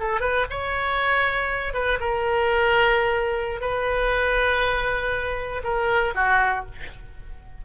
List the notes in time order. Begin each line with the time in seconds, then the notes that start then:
0.00 A4
0.20 B4
0.50 C#5
1.73 B4
2.00 A#4
3.61 B4
5.64 A#4
6.15 F#4